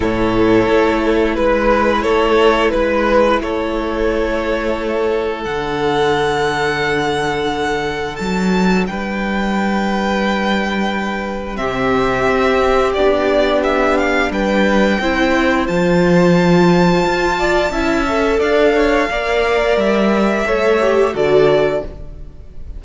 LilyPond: <<
  \new Staff \with { instrumentName = "violin" } { \time 4/4 \tempo 4 = 88 cis''2 b'4 cis''4 | b'4 cis''2. | fis''1 | a''4 g''2.~ |
g''4 e''2 d''4 | e''8 f''8 g''2 a''4~ | a''2. f''4~ | f''4 e''2 d''4 | }
  \new Staff \with { instrumentName = "violin" } { \time 4/4 a'2 b'4 a'4 | b'4 a'2.~ | a'1~ | a'4 b'2.~ |
b'4 g'2.~ | g'4 b'4 c''2~ | c''4. d''8 e''4 d''8 cis''8 | d''2 cis''4 a'4 | }
  \new Staff \with { instrumentName = "viola" } { \time 4/4 e'1~ | e'1 | d'1~ | d'1~ |
d'4 c'2 d'4~ | d'2 e'4 f'4~ | f'2 e'8 a'4. | ais'2 a'8 g'8 fis'4 | }
  \new Staff \with { instrumentName = "cello" } { \time 4/4 a,4 a4 gis4 a4 | gis4 a2. | d1 | fis4 g2.~ |
g4 c4 c'4 b4~ | b4 g4 c'4 f4~ | f4 f'4 cis'4 d'4 | ais4 g4 a4 d4 | }
>>